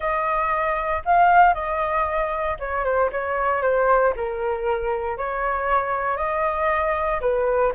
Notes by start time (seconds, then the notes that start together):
0.00 D#5
1.05 F5
1.54 D#5
2.59 C#5
2.84 C5
3.12 C#5
3.61 C5
4.16 A#4
5.17 C#5
6.17 D#5
7.20 B4